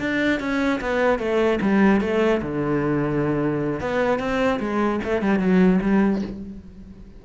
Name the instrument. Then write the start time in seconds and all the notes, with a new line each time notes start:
cello
0.00 D4
0.40 C#4
0.81 B3
1.19 A3
1.62 G3
2.01 A3
2.42 D3
3.81 B3
4.19 C4
4.60 G#3
5.04 A3
5.22 G3
5.39 F#3
5.82 G3